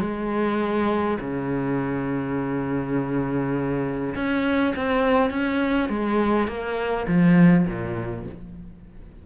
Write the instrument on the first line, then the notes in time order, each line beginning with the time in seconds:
cello
0.00 G#3
1.21 C#3
4.15 C#4
4.76 C4
5.30 C#4
5.90 G#3
6.48 A#3
7.08 F3
7.67 A#2